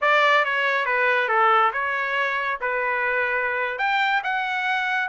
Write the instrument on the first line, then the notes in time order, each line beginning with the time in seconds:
trumpet
0.01 D5
0.44 C#5
0.85 B4
1.28 A4
1.72 C#5
2.60 B4
3.78 G5
4.23 F#5